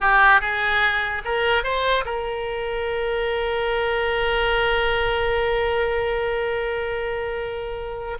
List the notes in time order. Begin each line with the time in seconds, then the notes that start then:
0.00 G4
0.40 G#4
1.24 A#4
1.63 C5
2.05 A#4